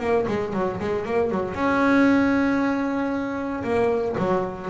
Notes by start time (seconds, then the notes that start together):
0.00 A#3
0.28 G#3
0.53 F#3
0.80 G#3
1.05 A#3
1.30 F#3
1.54 C#4
3.63 A#3
4.18 F#3